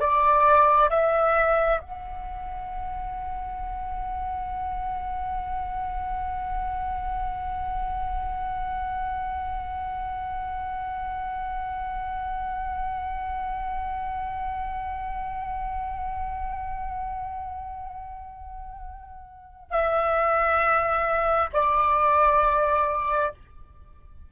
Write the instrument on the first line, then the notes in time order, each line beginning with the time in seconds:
flute
0.00 D5
0.90 E5
1.81 F#5
19.71 E5
21.53 D5